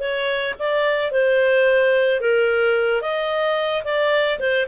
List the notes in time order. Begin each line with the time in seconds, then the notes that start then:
0.00 C#5
0.60 D5
1.12 C5
2.21 A#4
3.02 D#5
3.85 D5
4.40 C5